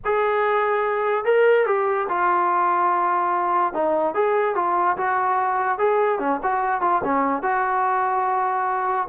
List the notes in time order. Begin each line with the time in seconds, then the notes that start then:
0.04 G#4
1.25 A#4
1.66 G4
2.08 F4
3.73 D#4
4.14 G#4
4.55 F4
4.97 F#4
5.78 G#4
6.19 C#4
6.42 F#4
6.81 F4
7.04 C#4
7.42 F#4